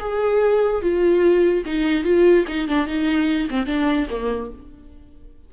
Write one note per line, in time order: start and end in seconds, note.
0.00 0.82 G#4
0.82 1.65 F4
1.66 2.05 D#4
2.05 2.46 F4
2.48 2.68 D#4
2.68 2.87 D4
2.87 3.49 D#4
3.51 3.67 C4
3.67 4.08 D4
4.11 4.52 A#3